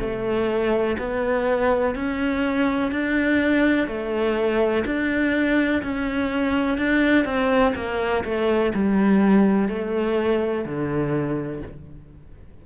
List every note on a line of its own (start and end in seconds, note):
0.00 0.97 A3
0.98 1.94 B3
1.94 2.91 C#4
2.91 3.87 D4
3.87 4.84 A3
4.85 5.82 D4
5.82 6.77 C#4
6.77 7.24 D4
7.24 7.73 C4
7.75 8.23 A#3
8.23 8.72 A3
8.74 9.68 G3
9.68 10.65 A3
10.65 11.61 D3